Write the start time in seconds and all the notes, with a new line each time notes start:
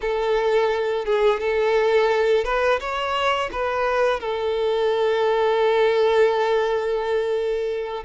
0.01 A4
1.05 G#4
1.40 A4
2.44 B4
2.80 C#5
3.52 B4
4.20 A4